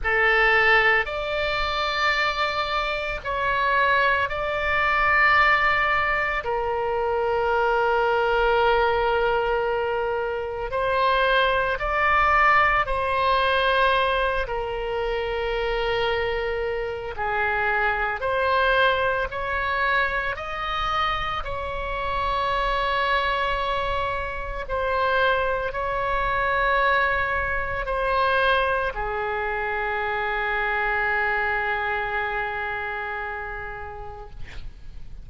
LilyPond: \new Staff \with { instrumentName = "oboe" } { \time 4/4 \tempo 4 = 56 a'4 d''2 cis''4 | d''2 ais'2~ | ais'2 c''4 d''4 | c''4. ais'2~ ais'8 |
gis'4 c''4 cis''4 dis''4 | cis''2. c''4 | cis''2 c''4 gis'4~ | gis'1 | }